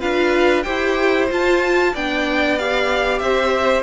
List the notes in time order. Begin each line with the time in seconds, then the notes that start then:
0.00 D4 F4 B4 F5
0.63 E4 G4 C5 G5
1.30 F4 A5
1.93 B3 D4 D5 G5
2.58 G4 F5
3.19 C4 C5 E5